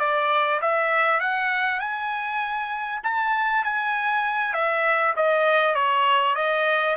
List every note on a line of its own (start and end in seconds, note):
0.00 0.61 D5
0.62 1.21 E5
1.21 1.80 F#5
1.80 3.01 G#5
3.04 3.64 A5
3.65 4.54 G#5
4.54 5.15 E5
5.17 5.75 D#5
5.75 6.36 C#5
6.36 6.96 D#5